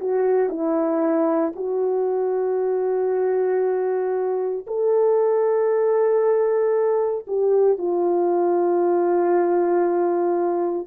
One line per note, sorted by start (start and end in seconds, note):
0.00 0.49 F#4
0.49 1.53 E4
1.56 4.66 F#4
4.67 7.26 A4
7.27 7.78 G4
7.78 10.87 F4